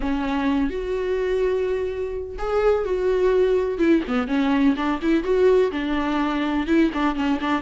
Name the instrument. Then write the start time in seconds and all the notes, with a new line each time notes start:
viola
0.00 C#4
0.70 F#4
2.38 G#4
2.84 F#4
3.78 E4
4.07 B3
4.27 C#4
4.76 D4
5.02 E4
5.23 F#4
5.71 D4
6.67 E4
6.93 D4
7.15 C#4
7.40 D4